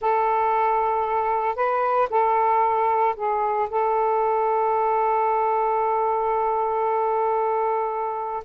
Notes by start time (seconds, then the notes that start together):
0.01 A4
1.55 B4
2.09 A4
3.16 G#4
3.70 A4